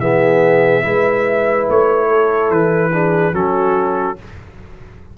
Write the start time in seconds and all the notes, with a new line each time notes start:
0.00 E3 B3 G#4 E5
0.83 G#3 E4 B4
1.69 A3 C#5
2.08 A4
2.51 E3 B4
2.93 D4 G#4
3.33 F#3 C#4 F#4 A4